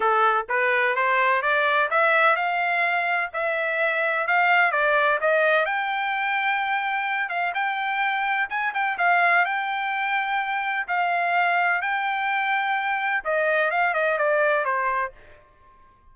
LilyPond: \new Staff \with { instrumentName = "trumpet" } { \time 4/4 \tempo 4 = 127 a'4 b'4 c''4 d''4 | e''4 f''2 e''4~ | e''4 f''4 d''4 dis''4 | g''2.~ g''8 f''8 |
g''2 gis''8 g''8 f''4 | g''2. f''4~ | f''4 g''2. | dis''4 f''8 dis''8 d''4 c''4 | }